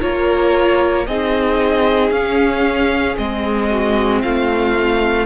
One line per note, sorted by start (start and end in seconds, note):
0.00 1.07 A#3
0.00 1.05 F4
0.00 1.07 A#4
0.00 1.06 C#5
1.06 2.11 C4
1.06 2.13 D#4
1.06 3.70 G#4
1.06 2.11 D#5
2.11 3.16 C#4
2.11 3.15 C#4
2.11 3.16 F5
3.15 4.23 G#3
3.15 5.25 C4
3.15 4.22 D#5
3.70 4.22 F#4
4.22 5.25 A3
4.22 5.25 F4
4.22 5.25 F5